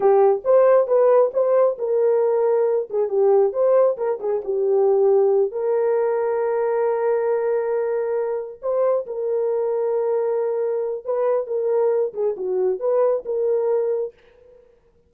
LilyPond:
\new Staff \with { instrumentName = "horn" } { \time 4/4 \tempo 4 = 136 g'4 c''4 b'4 c''4 | ais'2~ ais'8 gis'8 g'4 | c''4 ais'8 gis'8 g'2~ | g'8 ais'2.~ ais'8~ |
ais'2.~ ais'8 c''8~ | c''8 ais'2.~ ais'8~ | ais'4 b'4 ais'4. gis'8 | fis'4 b'4 ais'2 | }